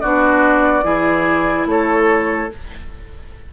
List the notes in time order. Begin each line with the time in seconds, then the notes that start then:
0.00 B3 D4 F#4 D5
0.83 E3 E4 G#4
1.65 A3 A4 C#5